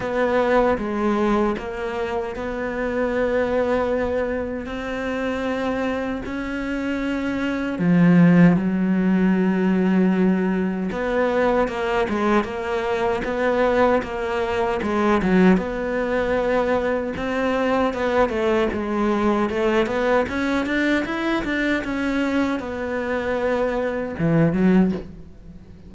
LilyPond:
\new Staff \with { instrumentName = "cello" } { \time 4/4 \tempo 4 = 77 b4 gis4 ais4 b4~ | b2 c'2 | cis'2 f4 fis4~ | fis2 b4 ais8 gis8 |
ais4 b4 ais4 gis8 fis8 | b2 c'4 b8 a8 | gis4 a8 b8 cis'8 d'8 e'8 d'8 | cis'4 b2 e8 fis8 | }